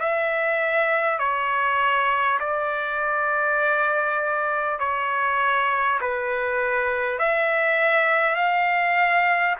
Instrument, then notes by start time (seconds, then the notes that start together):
trumpet
0.00 E5
1.19 C#5
2.40 D5
4.79 C#5
6.02 B4
7.19 E5
8.36 F5